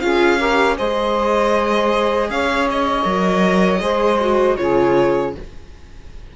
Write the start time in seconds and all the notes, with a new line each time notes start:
0.00 C#4 F4 G#4 F5
0.38 G4 A#4
0.77 G#3 G#4 C5 D#5
2.30 C#4 C#5 F5
2.70 D#5
3.03 F#3 A#4
3.80 G#3 G#4 C5
4.20 F#4
4.56 C#3 F4 G#4 C#5